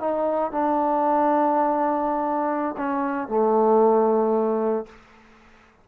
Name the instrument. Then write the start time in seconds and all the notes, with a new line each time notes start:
trombone
0.00 D#4
0.51 D4
2.77 C#4
3.28 A3